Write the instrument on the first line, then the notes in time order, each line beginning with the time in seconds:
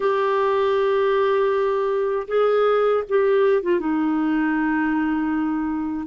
clarinet
0.00 G4
2.28 G#4
3.09 G4
3.62 F4
3.79 D#4